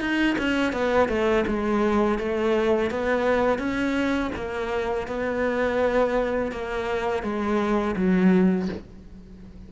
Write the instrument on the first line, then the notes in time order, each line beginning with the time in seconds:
cello
0.00 D#4
0.38 C#4
0.72 B3
1.08 A3
1.47 G#3
2.18 A3
2.90 B3
3.58 C#4
4.35 A#3
5.07 B3
6.52 A#3
7.23 G#3
7.96 F#3